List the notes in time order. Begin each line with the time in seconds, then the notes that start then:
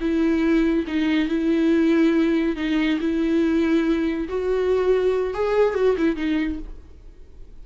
0.00 E4
0.87 D#4
1.28 E4
2.56 D#4
3.00 E4
4.28 F#4
5.34 G#4
5.74 F#4
5.97 E4
6.16 D#4